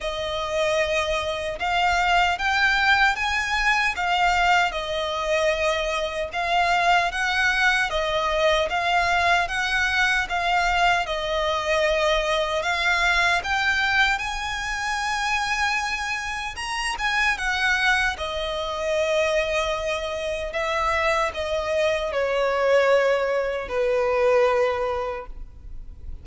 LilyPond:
\new Staff \with { instrumentName = "violin" } { \time 4/4 \tempo 4 = 76 dis''2 f''4 g''4 | gis''4 f''4 dis''2 | f''4 fis''4 dis''4 f''4 | fis''4 f''4 dis''2 |
f''4 g''4 gis''2~ | gis''4 ais''8 gis''8 fis''4 dis''4~ | dis''2 e''4 dis''4 | cis''2 b'2 | }